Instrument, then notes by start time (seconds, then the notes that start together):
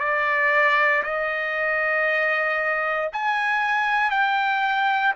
trumpet
0.00 D5
1.04 D#5
3.13 G#5
4.11 G5